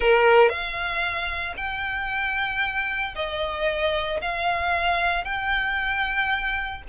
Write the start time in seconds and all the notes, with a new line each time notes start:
0.00 A#4
0.49 F5
1.56 G5
3.15 D#5
4.21 F5
5.24 G5